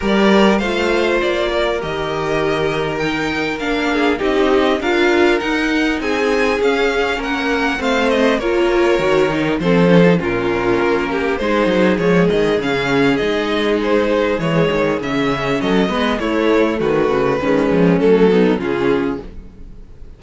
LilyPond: <<
  \new Staff \with { instrumentName = "violin" } { \time 4/4 \tempo 4 = 100 d''4 f''4 d''4 dis''4~ | dis''4 g''4 f''4 dis''4 | f''4 fis''4 gis''4 f''4 | fis''4 f''8 dis''8 cis''2 |
c''4 ais'2 c''4 | cis''8 dis''8 f''4 dis''4 c''4 | cis''4 e''4 dis''4 cis''4 | b'2 a'4 gis'4 | }
  \new Staff \with { instrumentName = "violin" } { \time 4/4 ais'4 c''4. ais'4.~ | ais'2~ ais'8 gis'8 g'4 | ais'2 gis'2 | ais'4 c''4 ais'2 |
a'4 f'4. g'8 gis'4~ | gis'1~ | gis'2 a'8 b'8 e'4 | fis'4 cis'4. dis'8 f'4 | }
  \new Staff \with { instrumentName = "viola" } { \time 4/4 g'4 f'2 g'4~ | g'4 dis'4 d'4 dis'4 | f'4 dis'2 cis'4~ | cis'4 c'4 f'4 fis'8 dis'8 |
c'8 cis'16 dis'16 cis'2 dis'4 | gis4 cis'4 dis'2 | gis4 cis'4. b8 a4~ | a4 gis4 a8 b8 cis'4 | }
  \new Staff \with { instrumentName = "cello" } { \time 4/4 g4 a4 ais4 dis4~ | dis2 ais4 c'4 | d'4 dis'4 c'4 cis'4 | ais4 a4 ais4 dis4 |
f4 ais,4 ais4 gis8 fis8 | f8 dis8 cis4 gis2 | e8 dis8 cis4 fis8 gis8 a4 | dis8 cis8 dis8 f8 fis4 cis4 | }
>>